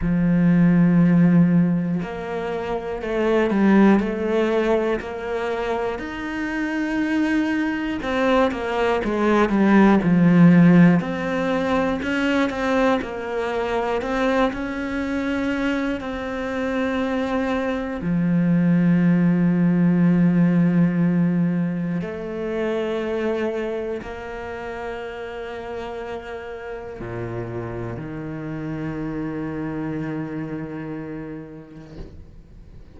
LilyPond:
\new Staff \with { instrumentName = "cello" } { \time 4/4 \tempo 4 = 60 f2 ais4 a8 g8 | a4 ais4 dis'2 | c'8 ais8 gis8 g8 f4 c'4 | cis'8 c'8 ais4 c'8 cis'4. |
c'2 f2~ | f2 a2 | ais2. ais,4 | dis1 | }